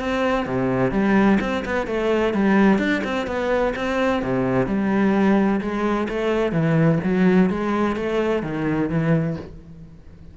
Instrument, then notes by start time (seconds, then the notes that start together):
cello
0.00 C4
0.46 C3
0.92 G3
1.41 C4
1.66 B3
1.87 A3
2.34 G3
2.79 D4
3.04 C4
3.27 B3
3.76 C4
4.23 C3
4.67 G3
5.61 G#3
6.09 A3
6.52 E3
7.04 F#3
7.50 G#3
7.96 A3
8.43 D#3
8.90 E3